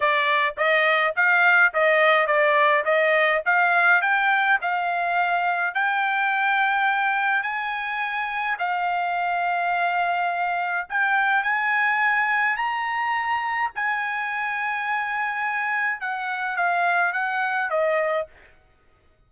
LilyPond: \new Staff \with { instrumentName = "trumpet" } { \time 4/4 \tempo 4 = 105 d''4 dis''4 f''4 dis''4 | d''4 dis''4 f''4 g''4 | f''2 g''2~ | g''4 gis''2 f''4~ |
f''2. g''4 | gis''2 ais''2 | gis''1 | fis''4 f''4 fis''4 dis''4 | }